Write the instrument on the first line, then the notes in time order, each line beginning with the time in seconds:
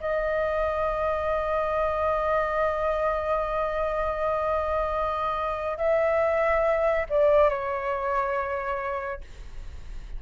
flute
0.00 D#5
5.77 E5
7.09 D5
7.49 C#5